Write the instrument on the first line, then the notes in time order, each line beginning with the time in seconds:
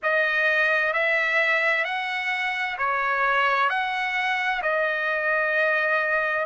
trumpet
0.03 D#5
0.93 E5
1.84 F#5
2.77 C#5
3.69 F#5
4.62 D#5